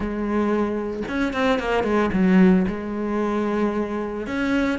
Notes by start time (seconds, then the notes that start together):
0.00 G#3
1.08 C#4
1.33 C4
1.59 A#3
1.83 G#3
2.13 F#3
2.67 G#3
4.26 C#4